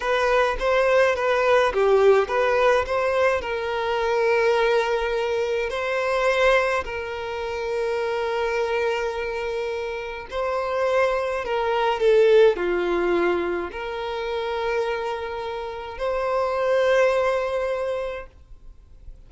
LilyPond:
\new Staff \with { instrumentName = "violin" } { \time 4/4 \tempo 4 = 105 b'4 c''4 b'4 g'4 | b'4 c''4 ais'2~ | ais'2 c''2 | ais'1~ |
ais'2 c''2 | ais'4 a'4 f'2 | ais'1 | c''1 | }